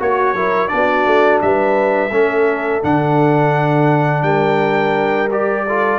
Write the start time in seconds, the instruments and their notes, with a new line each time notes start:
0.00 tuba A#3, trombone F#4, horn F#4, trumpet C#5
0.34 tuba F#3, trombone E4, horn A#4
0.68 tuba B3, trombone D4, trumpet D5
0.75 horn F#4
1.06 tuba A3
1.41 tuba G3, horn B4, trumpet E5
2.11 tuba A3, trombone C#4, horn A4
2.82 tuba D3, trombone D4, trumpet F#5
4.23 tuba G3, horn A#4, trumpet G5
5.31 trombone G4, trumpet D5
5.67 trombone F4, horn A4